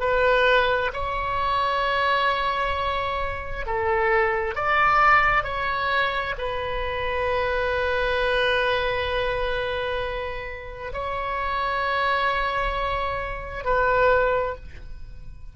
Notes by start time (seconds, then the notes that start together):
0.00 B4
0.93 C#5
3.66 A4
4.55 D5
5.43 C#5
6.38 B4
10.93 C#5
13.64 B4